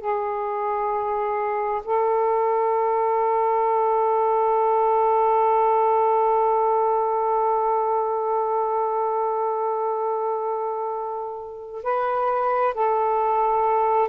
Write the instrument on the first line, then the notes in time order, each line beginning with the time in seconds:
saxophone
0.00 G#4
1.84 A4
11.83 B4
12.74 A4